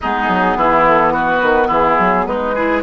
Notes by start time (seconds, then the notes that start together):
0.01 G#3 B3 D#4 G#4
0.28 F#3
0.55 E3 E4
0.88 A4
1.11 F#4 B4
1.42 D#3
1.67 E3 E4 G#4
1.98 F#3
2.26 G#3 D#4 B4
2.55 E4 G#4